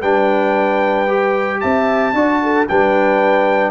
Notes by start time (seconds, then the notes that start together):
0.00 G3 D4 B4 G5
1.08 G4
1.61 C4 E5 A5
2.13 D4 F#4 D5
2.43 A4
2.68 G3 D4 B4 G5